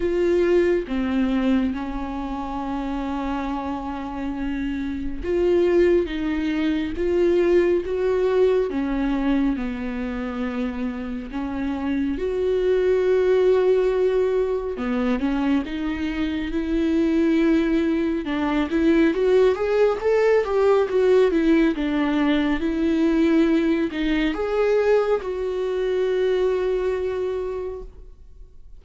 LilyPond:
\new Staff \with { instrumentName = "viola" } { \time 4/4 \tempo 4 = 69 f'4 c'4 cis'2~ | cis'2 f'4 dis'4 | f'4 fis'4 cis'4 b4~ | b4 cis'4 fis'2~ |
fis'4 b8 cis'8 dis'4 e'4~ | e'4 d'8 e'8 fis'8 gis'8 a'8 g'8 | fis'8 e'8 d'4 e'4. dis'8 | gis'4 fis'2. | }